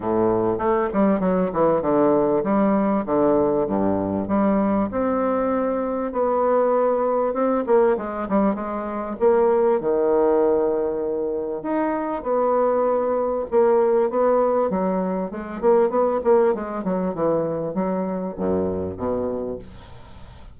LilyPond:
\new Staff \with { instrumentName = "bassoon" } { \time 4/4 \tempo 4 = 98 a,4 a8 g8 fis8 e8 d4 | g4 d4 g,4 g4 | c'2 b2 | c'8 ais8 gis8 g8 gis4 ais4 |
dis2. dis'4 | b2 ais4 b4 | fis4 gis8 ais8 b8 ais8 gis8 fis8 | e4 fis4 fis,4 b,4 | }